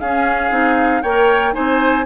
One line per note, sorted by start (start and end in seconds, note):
0.00 0.51 C#4
0.00 0.50 C#4
0.00 1.03 G#4
0.00 1.03 F5
0.50 1.02 C4
0.50 1.02 D#4
1.03 1.55 A#3
1.03 1.52 A#4
1.03 1.54 C#5
1.03 1.54 G5
1.52 2.06 C4
1.52 2.04 D#4
1.52 2.06 C5
1.52 2.06 G#5